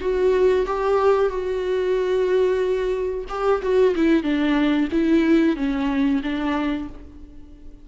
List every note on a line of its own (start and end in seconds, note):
0.00 0.65 F#4
0.66 1.29 G4
1.29 3.25 F#4
3.29 3.61 G4
3.62 3.94 F#4
3.95 4.22 E4
4.22 4.88 D4
4.92 5.56 E4
5.56 6.21 C#4
6.23 6.88 D4